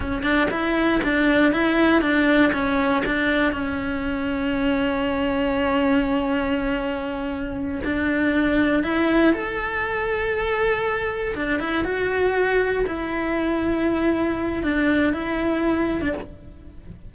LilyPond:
\new Staff \with { instrumentName = "cello" } { \time 4/4 \tempo 4 = 119 cis'8 d'8 e'4 d'4 e'4 | d'4 cis'4 d'4 cis'4~ | cis'1~ | cis'2.~ cis'8 d'8~ |
d'4. e'4 a'4.~ | a'2~ a'8 d'8 e'8 fis'8~ | fis'4. e'2~ e'8~ | e'4 d'4 e'4.~ e'16 d'16 | }